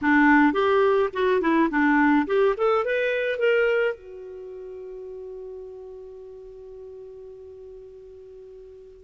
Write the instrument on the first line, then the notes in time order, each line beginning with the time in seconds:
clarinet
0.01 D4
0.53 G4
1.13 F#4
1.41 E4
1.70 D4
2.26 G4
2.57 A4
2.85 B4
3.38 A#4
3.94 F#4